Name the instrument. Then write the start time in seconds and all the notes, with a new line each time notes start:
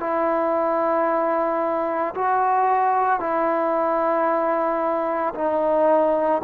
trombone
0.00 E4
2.15 F#4
3.20 E4
5.35 D#4